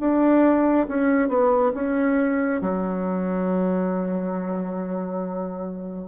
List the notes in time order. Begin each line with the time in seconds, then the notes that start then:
0.00 D4
0.89 C#4
1.29 B3
1.74 C#4
2.61 F#3